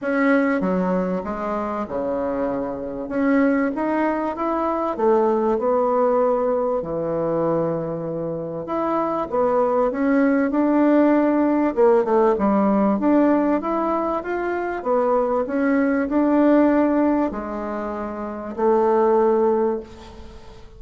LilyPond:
\new Staff \with { instrumentName = "bassoon" } { \time 4/4 \tempo 4 = 97 cis'4 fis4 gis4 cis4~ | cis4 cis'4 dis'4 e'4 | a4 b2 e4~ | e2 e'4 b4 |
cis'4 d'2 ais8 a8 | g4 d'4 e'4 f'4 | b4 cis'4 d'2 | gis2 a2 | }